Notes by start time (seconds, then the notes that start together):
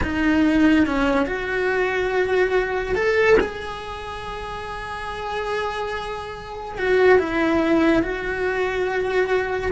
0.02 D#4
0.86 C#4
1.26 F#4
2.95 A4
3.40 G#4
6.78 F#4
7.18 E4
8.02 F#4